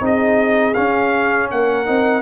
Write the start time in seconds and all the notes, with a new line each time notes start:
0.00 C4 D#4 G#4 D#5
0.74 C#4 F5
1.51 A#3 A#4 F#5
1.86 C4 D#4